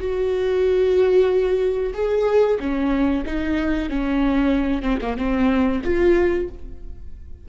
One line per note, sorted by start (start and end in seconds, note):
0.00 1.94 F#4
1.94 2.58 G#4
2.60 3.24 C#4
3.26 3.90 D#4
3.90 4.82 C#4
4.82 4.99 C4
5.01 5.17 A#3
5.17 5.82 C4
5.84 6.49 F4